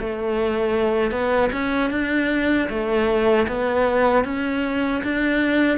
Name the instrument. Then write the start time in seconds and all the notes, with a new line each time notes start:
cello
0.00 A3
1.12 B3
1.53 C#4
1.91 D4
2.70 A3
3.48 B3
4.25 C#4
5.04 D4